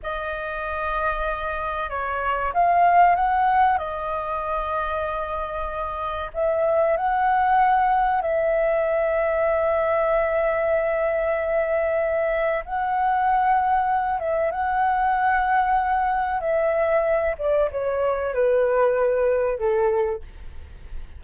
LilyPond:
\new Staff \with { instrumentName = "flute" } { \time 4/4 \tempo 4 = 95 dis''2. cis''4 | f''4 fis''4 dis''2~ | dis''2 e''4 fis''4~ | fis''4 e''2.~ |
e''1 | fis''2~ fis''8 e''8 fis''4~ | fis''2 e''4. d''8 | cis''4 b'2 a'4 | }